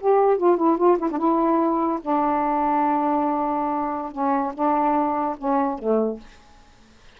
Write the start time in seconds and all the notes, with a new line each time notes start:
0.00 G4
0.37 F4
0.57 E4
0.77 F4
0.98 E4
1.11 D4
1.18 E4
2.01 D4
4.12 C#4
4.54 D4
5.38 C#4
5.78 A3